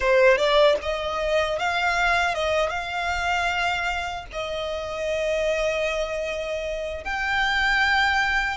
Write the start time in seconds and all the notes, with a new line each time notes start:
0.00 C5
0.37 D5
0.81 D#5
1.58 F5
2.34 D#5
2.69 F5
4.32 D#5
7.04 G5